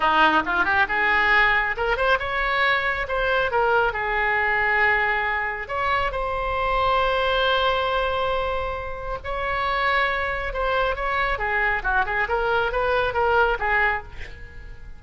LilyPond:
\new Staff \with { instrumentName = "oboe" } { \time 4/4 \tempo 4 = 137 dis'4 f'8 g'8 gis'2 | ais'8 c''8 cis''2 c''4 | ais'4 gis'2.~ | gis'4 cis''4 c''2~ |
c''1~ | c''4 cis''2. | c''4 cis''4 gis'4 fis'8 gis'8 | ais'4 b'4 ais'4 gis'4 | }